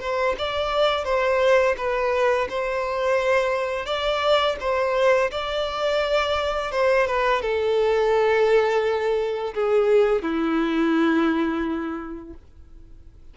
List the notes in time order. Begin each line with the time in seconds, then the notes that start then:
0.00 C5
0.38 D5
1.05 C5
1.77 B4
2.49 C5
3.86 D5
4.60 C5
5.31 D5
6.72 C5
7.07 B4
7.42 A4
9.54 G#4
10.22 E4